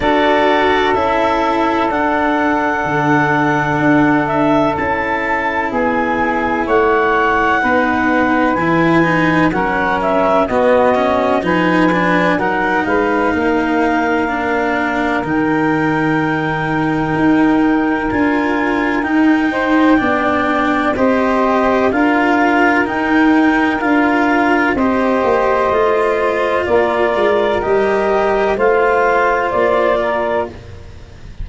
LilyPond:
<<
  \new Staff \with { instrumentName = "clarinet" } { \time 4/4 \tempo 4 = 63 d''4 e''4 fis''2~ | fis''8 e''8 a''4 gis''4 fis''4~ | fis''4 gis''4 fis''8 e''8 dis''4 | gis''4 fis''8 f''2~ f''8 |
g''2. gis''4 | g''2 dis''4 f''4 | g''4 f''4 dis''2 | d''4 dis''4 f''4 d''4 | }
  \new Staff \with { instrumentName = "saxophone" } { \time 4/4 a'1~ | a'2 gis'4 cis''4 | b'2 ais'4 fis'4 | b'4 ais'8 b'8 ais'2~ |
ais'1~ | ais'8 c''8 d''4 c''4 ais'4~ | ais'2 c''2 | ais'2 c''4. ais'8 | }
  \new Staff \with { instrumentName = "cello" } { \time 4/4 fis'4 e'4 d'2~ | d'4 e'2. | dis'4 e'8 dis'8 cis'4 b8 cis'8 | dis'8 d'8 dis'2 d'4 |
dis'2. f'4 | dis'4 d'4 g'4 f'4 | dis'4 f'4 g'4 f'4~ | f'4 g'4 f'2 | }
  \new Staff \with { instrumentName = "tuba" } { \time 4/4 d'4 cis'4 d'4 d4 | d'4 cis'4 b4 a4 | b4 e4 fis4 b4 | f4 fis8 gis8 ais2 |
dis2 dis'4 d'4 | dis'4 b4 c'4 d'4 | dis'4 d'4 c'8 ais8 a4 | ais8 gis8 g4 a4 ais4 | }
>>